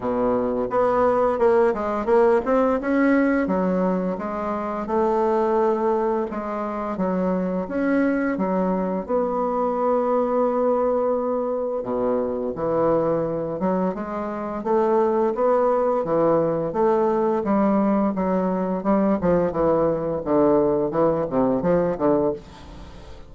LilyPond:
\new Staff \with { instrumentName = "bassoon" } { \time 4/4 \tempo 4 = 86 b,4 b4 ais8 gis8 ais8 c'8 | cis'4 fis4 gis4 a4~ | a4 gis4 fis4 cis'4 | fis4 b2.~ |
b4 b,4 e4. fis8 | gis4 a4 b4 e4 | a4 g4 fis4 g8 f8 | e4 d4 e8 c8 f8 d8 | }